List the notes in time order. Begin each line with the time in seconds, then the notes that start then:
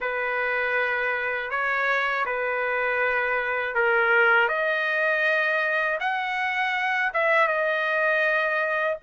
0.00 B4
1.50 C#5
2.25 B4
3.75 A#4
4.48 D#5
6.00 F#5
7.13 E5
7.47 D#5